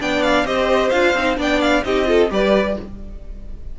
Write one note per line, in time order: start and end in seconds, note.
0.00 0.45 B3
0.00 0.46 D4
0.00 0.46 D5
0.00 0.23 G5
0.23 0.46 F5
0.45 0.91 C4
0.45 0.92 G4
0.45 1.38 C5
0.45 0.90 D#5
0.90 1.14 D4
0.90 1.16 F4
0.90 1.36 F5
1.14 1.37 C4
1.14 1.36 D#4
1.36 1.84 B3
1.36 1.83 D4
1.36 1.84 D5
1.36 1.61 G5
1.61 1.84 F5
1.84 2.30 C4
1.84 2.06 D#4
1.84 2.08 G4
1.84 2.31 D#5
2.06 2.29 F4
2.06 2.31 A4
2.30 2.76 G3
2.30 2.76 G4
2.30 2.79 B4
2.30 2.79 D5